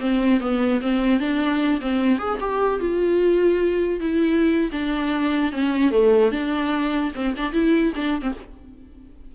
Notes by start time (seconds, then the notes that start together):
0.00 C4
0.40 B3
0.81 C4
1.20 D4
1.81 C4
2.18 G#4
2.40 G4
2.79 F4
4.00 E4
4.72 D4
5.52 C#4
5.91 A3
6.31 D4
7.15 C4
7.36 D4
7.52 E4
7.95 D4
8.22 C4